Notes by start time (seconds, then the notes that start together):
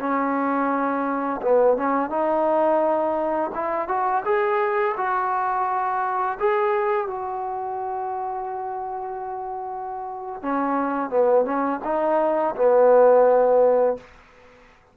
0.00 C#4
1.42 B3
1.77 C#4
2.10 D#4
3.55 E4
3.89 F#4
4.25 G#4
4.97 F#4
6.40 G#4
7.07 F#4
10.43 C#4
11.10 B3
11.46 C#4
11.85 D#4
12.56 B3